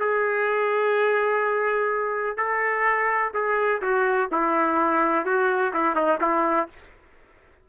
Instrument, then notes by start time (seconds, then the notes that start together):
trumpet
0.00 G#4
2.38 A4
3.34 G#4
3.82 F#4
4.32 E4
5.26 F#4
5.74 E4
5.96 D#4
6.21 E4